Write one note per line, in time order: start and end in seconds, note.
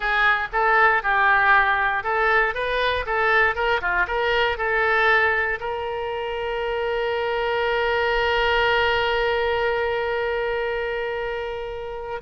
0.00 0.48 G#4
0.52 1.02 A4
1.02 2.03 G4
2.03 2.54 A4
2.54 3.05 B4
3.06 3.55 A4
3.55 3.80 A#4
3.81 4.06 F4
4.07 4.57 A#4
4.57 5.59 A4
5.60 12.21 A#4